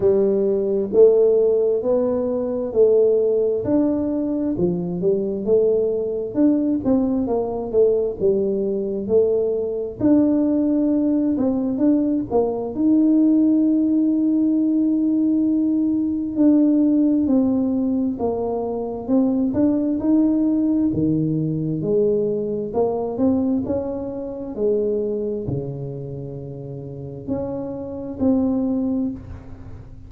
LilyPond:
\new Staff \with { instrumentName = "tuba" } { \time 4/4 \tempo 4 = 66 g4 a4 b4 a4 | d'4 f8 g8 a4 d'8 c'8 | ais8 a8 g4 a4 d'4~ | d'8 c'8 d'8 ais8 dis'2~ |
dis'2 d'4 c'4 | ais4 c'8 d'8 dis'4 dis4 | gis4 ais8 c'8 cis'4 gis4 | cis2 cis'4 c'4 | }